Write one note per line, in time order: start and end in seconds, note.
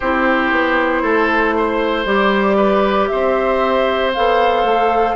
0.00 0.50 C4
0.00 2.05 E4
0.00 1.02 G4
0.00 2.06 C5
0.50 1.02 B3
1.02 2.05 A3
1.02 1.54 A4
1.57 2.56 C5
2.05 3.08 G3
2.05 4.12 G4
2.05 3.07 D5
2.56 3.08 B4
3.07 4.16 C4
3.07 5.16 C5
3.07 4.11 E5
4.13 4.63 B3
4.13 5.16 A4
4.13 5.16 F5
4.63 5.15 A3